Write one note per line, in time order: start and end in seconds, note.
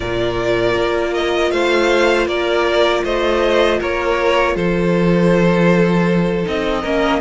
0.00 0.75 A#2
0.00 6.43 F4
0.00 1.52 A#4
0.00 1.13 D5
0.75 1.51 A#3
1.13 1.51 D#5
1.51 2.27 A3
1.51 2.27 C5
1.51 2.27 F5
2.27 3.03 A#3
2.27 3.03 A#4
2.27 3.04 D5
3.04 3.80 A3
3.04 3.79 C5
3.04 3.80 D#5
3.79 4.55 A#3
3.79 4.55 A#4
3.79 4.56 C#5
4.55 6.45 F3
4.55 6.81 A4
4.55 6.46 C5
6.43 6.84 C4
6.43 6.81 D#4
6.43 7.20 D#5
6.81 7.20 A#3
6.81 7.20 C#4
6.81 7.19 A#4